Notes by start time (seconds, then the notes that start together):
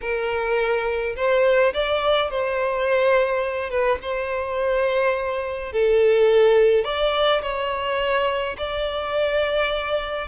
0.01 A#4
1.16 C5
1.73 D5
2.30 C5
3.69 B4
4.02 C5
5.72 A4
6.84 D5
7.42 C#5
8.57 D5